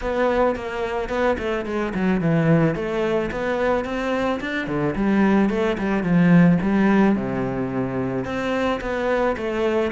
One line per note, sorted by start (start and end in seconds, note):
0.01 0.55 B3
0.55 1.09 A#3
1.09 1.36 B3
1.38 1.65 A3
1.65 1.93 G#3
1.94 2.20 F#3
2.20 2.75 E3
2.75 3.30 A3
3.31 3.84 B3
3.84 4.39 C4
4.40 4.67 D4
4.67 4.94 D3
4.95 5.49 G3
5.49 5.76 A3
5.78 6.03 G3
6.03 6.58 F3
6.61 7.15 G3
7.15 8.24 C3
8.24 8.79 C4
8.80 9.36 B3
9.36 9.91 A3